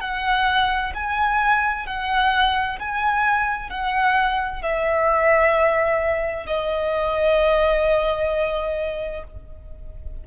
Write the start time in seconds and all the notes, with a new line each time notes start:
0.00 F#5
0.94 G#5
1.86 F#5
2.79 G#5
3.70 F#5
4.62 E5
6.46 D#5